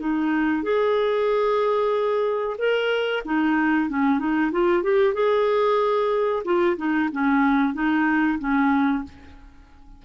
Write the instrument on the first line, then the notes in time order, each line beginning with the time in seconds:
clarinet
0.00 D#4
0.63 G#4
2.59 A#4
3.25 D#4
3.90 C#4
4.19 D#4
4.52 F4
4.83 G4
5.14 G#4
6.45 F4
6.77 D#4
7.13 C#4
7.74 D#4
8.39 C#4